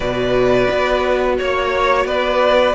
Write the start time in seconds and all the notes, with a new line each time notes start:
0.00 B2 F#4 B4 D5
0.70 B3
1.38 A#3 C#5
2.05 B3 B4 D5